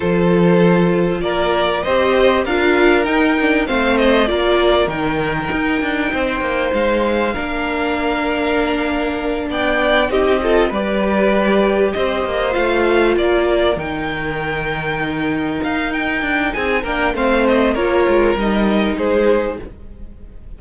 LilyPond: <<
  \new Staff \with { instrumentName = "violin" } { \time 4/4 \tempo 4 = 98 c''2 d''4 dis''4 | f''4 g''4 f''8 dis''8 d''4 | g''2. f''4~ | f''2.~ f''8 g''8~ |
g''8 dis''4 d''2 dis''8~ | dis''8 f''4 d''4 g''4.~ | g''4. f''8 g''4 gis''8 g''8 | f''8 dis''8 cis''4 dis''4 c''4 | }
  \new Staff \with { instrumentName = "violin" } { \time 4/4 a'2 ais'4 c''4 | ais'2 c''4 ais'4~ | ais'2 c''2 | ais'2.~ ais'8 d''8~ |
d''8 g'8 a'8 b'2 c''8~ | c''4. ais'2~ ais'8~ | ais'2. gis'8 ais'8 | c''4 ais'2 gis'4 | }
  \new Staff \with { instrumentName = "viola" } { \time 4/4 f'2. g'4 | f'4 dis'8 d'8 c'4 f'4 | dis'1 | d'1~ |
d'8 dis'8 f'8 g'2~ g'8~ | g'8 f'2 dis'4.~ | dis'2.~ dis'8 d'8 | c'4 f'4 dis'2 | }
  \new Staff \with { instrumentName = "cello" } { \time 4/4 f2 ais4 c'4 | d'4 dis'4 a4 ais4 | dis4 dis'8 d'8 c'8 ais8 gis4 | ais2.~ ais8 b8~ |
b8 c'4 g2 c'8 | ais8 a4 ais4 dis4.~ | dis4. dis'4 d'8 c'8 ais8 | a4 ais8 gis8 g4 gis4 | }
>>